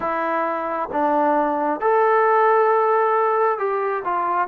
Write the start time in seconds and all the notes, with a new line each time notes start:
0.00 E4
0.92 D4
1.80 A4
3.58 G4
4.04 F4